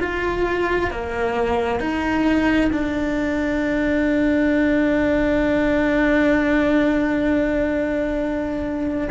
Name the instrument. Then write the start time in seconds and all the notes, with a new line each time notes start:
cello
0.00 F4
0.91 A#3
1.80 D#4
2.72 D4